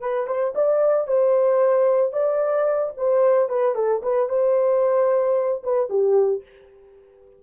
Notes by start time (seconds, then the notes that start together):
0.00 B4
0.27 C5
0.55 D5
1.07 C5
2.12 D5
2.97 C5
3.49 B4
3.75 A4
4.03 B4
4.29 C5
5.63 B4
5.89 G4